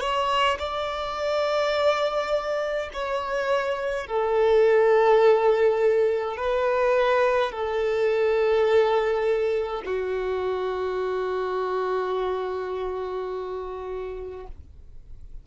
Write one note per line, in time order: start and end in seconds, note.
0.00 0.58 C#5
0.59 2.90 D5
2.93 4.06 C#5
4.06 6.37 A4
6.37 7.51 B4
7.51 9.82 A4
9.85 14.47 F#4